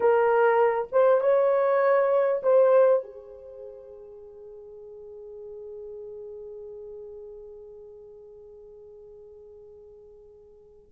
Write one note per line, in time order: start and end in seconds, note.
0.00 0.88 A#4
0.91 1.20 C5
1.20 2.42 C#5
2.42 3.03 C5
3.03 10.91 G#4